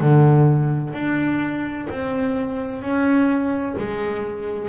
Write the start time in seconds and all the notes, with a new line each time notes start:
0.00 D3
0.93 D4
1.90 C4
2.82 C#4
3.78 G#3